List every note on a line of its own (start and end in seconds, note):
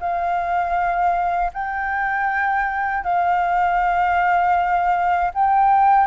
0.00 1.52 F5
1.53 3.03 G5
3.03 5.31 F5
5.34 6.07 G5